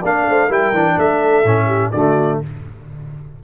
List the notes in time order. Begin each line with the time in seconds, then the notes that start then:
0.00 A#3 D4 D5 F5
0.29 A3 C5
0.48 G3 E4 A#4 G5
0.73 E3 D4
0.98 A3 A4 E5
1.44 A2 C#4
1.67 G4
1.92 D3 A3 F#4 D5